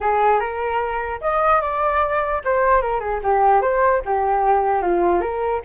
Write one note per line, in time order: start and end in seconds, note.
0.00 0.40 G#4
0.40 1.20 A#4
1.21 1.61 D#5
1.61 2.41 D5
2.44 2.81 C5
2.81 3.00 A#4
3.00 3.20 G#4
3.23 3.61 G4
3.61 4.01 C5
4.05 4.82 G4
4.82 5.21 F4
5.21 5.61 A#4